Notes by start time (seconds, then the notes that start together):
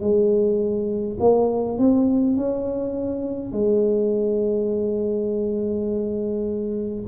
0.00 G#3
1.20 A#3
1.78 C4
2.36 C#4
3.52 G#3